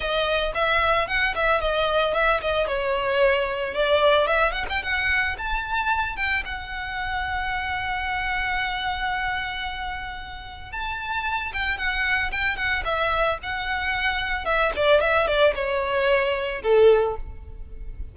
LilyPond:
\new Staff \with { instrumentName = "violin" } { \time 4/4 \tempo 4 = 112 dis''4 e''4 fis''8 e''8 dis''4 | e''8 dis''8 cis''2 d''4 | e''8 fis''16 g''16 fis''4 a''4. g''8 | fis''1~ |
fis''1 | a''4. g''8 fis''4 g''8 fis''8 | e''4 fis''2 e''8 d''8 | e''8 d''8 cis''2 a'4 | }